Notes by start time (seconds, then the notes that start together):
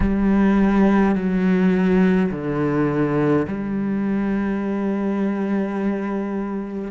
0.00 G3
1.15 F#3
2.31 D3
3.47 G3